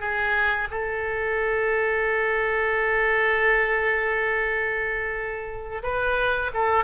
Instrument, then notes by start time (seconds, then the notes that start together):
oboe
0.00 G#4
0.71 A4
5.83 B4
6.54 A4